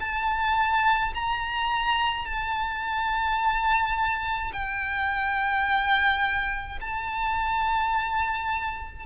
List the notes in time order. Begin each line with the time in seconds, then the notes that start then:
0.00 A5
1.14 A#5
2.25 A5
4.53 G5
6.81 A5